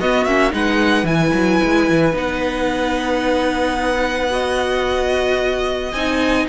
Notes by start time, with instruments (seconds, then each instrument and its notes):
0.00 cello B3, viola B3, violin F#4 D#5
0.25 cello A#3, viola C#4, violin E5
0.51 cello G#3, viola D#4, violin B4 F#5
1.04 cello E3, viola E4, violin G#5
1.33 cello F#3
1.64 cello G#3
1.89 cello E3
2.13 cello B3, viola D#4, violin F#5
4.31 viola F#4, violin D#5
5.92 cello C4, viola D#4, violin G#5